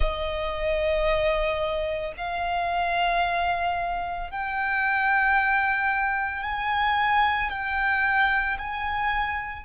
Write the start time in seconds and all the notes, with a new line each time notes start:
0.00 D#5
2.16 F5
4.30 G5
6.42 G#5
7.50 G5
8.58 G#5